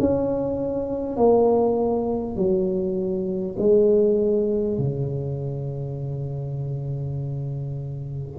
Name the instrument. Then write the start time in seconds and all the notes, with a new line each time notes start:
tuba
0.00 C#4
1.17 A#3
2.37 F#3
3.59 G#3
4.78 C#3